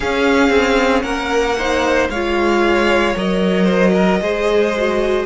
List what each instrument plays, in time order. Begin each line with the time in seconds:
0.00 viola C#4, cello C#4, violin G#4 F5
0.49 cello C4
1.02 cello A#3, violin A#4 F#5
1.58 viola D#4, violin C5
2.09 cello G#3, viola F4, violin C#5 F5
3.16 cello F#3, viola A#4, violin D#5
3.64 violin C5
3.93 violin A#4
4.21 cello G#3, viola G#4, violin C5
4.77 viola F#4